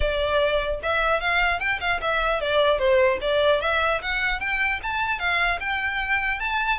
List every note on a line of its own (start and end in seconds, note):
0.00 0.80 D5
0.82 1.20 E5
1.20 1.59 F5
1.59 1.79 G5
1.80 2.00 F5
2.01 2.40 E5
2.40 2.78 D5
2.78 3.18 C5
3.21 3.61 D5
3.61 4.01 E5
4.01 4.40 F#5
4.40 4.80 G5
4.83 5.19 A5
5.19 5.59 F5
5.60 6.39 G5
6.39 6.79 A5